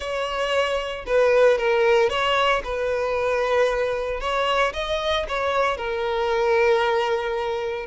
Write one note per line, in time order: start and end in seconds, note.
0.00 1.05 C#5
1.06 1.58 B4
1.58 2.09 A#4
2.09 2.62 C#5
2.64 4.20 B4
4.20 4.72 C#5
4.73 5.26 D#5
5.28 5.77 C#5
5.77 7.86 A#4